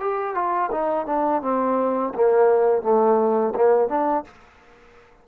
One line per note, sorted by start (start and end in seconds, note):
0.00 0.35 G4
0.35 0.70 F4
0.71 1.06 D#4
1.06 1.42 D4
1.42 2.13 C4
2.15 2.82 A#3
2.82 3.54 A3
3.56 3.89 A#3
3.89 4.24 D4